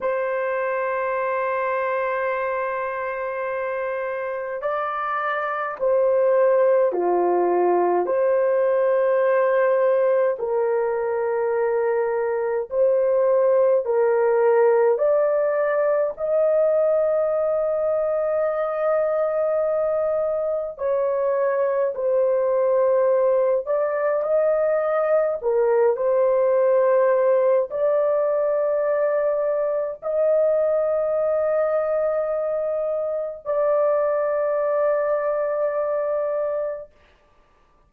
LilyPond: \new Staff \with { instrumentName = "horn" } { \time 4/4 \tempo 4 = 52 c''1 | d''4 c''4 f'4 c''4~ | c''4 ais'2 c''4 | ais'4 d''4 dis''2~ |
dis''2 cis''4 c''4~ | c''8 d''8 dis''4 ais'8 c''4. | d''2 dis''2~ | dis''4 d''2. | }